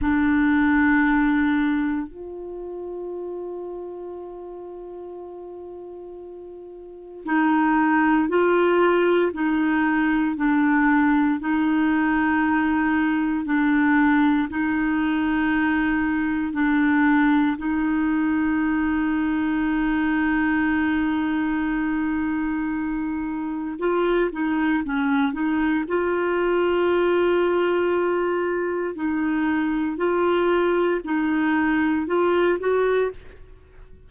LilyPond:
\new Staff \with { instrumentName = "clarinet" } { \time 4/4 \tempo 4 = 58 d'2 f'2~ | f'2. dis'4 | f'4 dis'4 d'4 dis'4~ | dis'4 d'4 dis'2 |
d'4 dis'2.~ | dis'2. f'8 dis'8 | cis'8 dis'8 f'2. | dis'4 f'4 dis'4 f'8 fis'8 | }